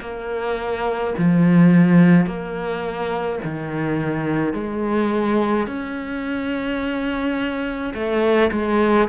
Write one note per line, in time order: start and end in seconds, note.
0.00 1.13 A#3
1.17 2.25 F3
2.25 3.39 A#3
3.44 4.53 D#3
4.53 5.67 G#3
5.67 7.93 C#4
7.93 8.50 A3
8.51 9.08 G#3